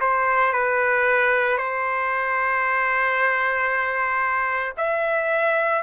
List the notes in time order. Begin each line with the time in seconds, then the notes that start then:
0.00 C5
0.53 B4
1.57 C5
4.77 E5